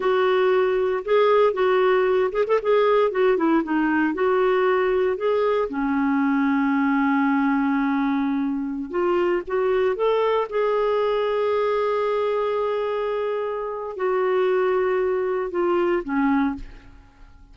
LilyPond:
\new Staff \with { instrumentName = "clarinet" } { \time 4/4 \tempo 4 = 116 fis'2 gis'4 fis'4~ | fis'8 gis'16 a'16 gis'4 fis'8 e'8 dis'4 | fis'2 gis'4 cis'4~ | cis'1~ |
cis'4~ cis'16 f'4 fis'4 a'8.~ | a'16 gis'2.~ gis'8.~ | gis'2. fis'4~ | fis'2 f'4 cis'4 | }